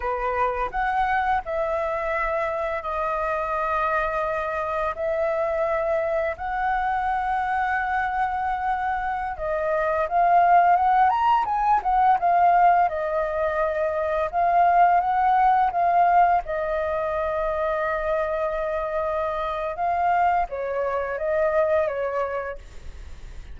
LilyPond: \new Staff \with { instrumentName = "flute" } { \time 4/4 \tempo 4 = 85 b'4 fis''4 e''2 | dis''2. e''4~ | e''4 fis''2.~ | fis''4~ fis''16 dis''4 f''4 fis''8 ais''16~ |
ais''16 gis''8 fis''8 f''4 dis''4.~ dis''16~ | dis''16 f''4 fis''4 f''4 dis''8.~ | dis''1 | f''4 cis''4 dis''4 cis''4 | }